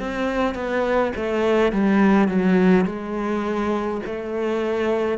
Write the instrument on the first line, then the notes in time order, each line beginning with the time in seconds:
cello
0.00 C4
0.55 B3
1.16 A3
1.73 G3
2.29 F#3
2.86 G#3
4.06 A3